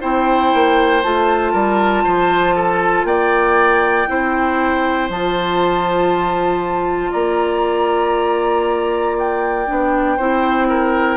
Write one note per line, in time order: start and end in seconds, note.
0.00 0.53 C4
0.00 1.02 E4
0.00 1.52 C5
0.00 1.02 G5
0.53 1.03 A#3
1.02 1.53 A3
1.02 4.07 F4
1.02 3.05 A5
1.52 2.04 G3
1.52 2.03 A#4
2.04 3.04 F3
2.04 2.55 C5
2.55 3.06 A4
3.04 4.06 A#3
3.04 4.08 D5
3.04 5.09 G5
4.07 5.09 C4
4.07 5.09 E4
4.07 7.11 C5
5.09 7.12 F3
5.09 9.67 F4
5.09 7.12 A5
7.11 9.68 A#3
7.11 10.16 D5
7.11 9.15 A#5
9.18 11.17 G5
9.67 10.18 B3
9.67 10.17 D4
10.16 11.17 C4
10.16 11.17 E4
10.16 10.67 C5
10.69 11.17 A#4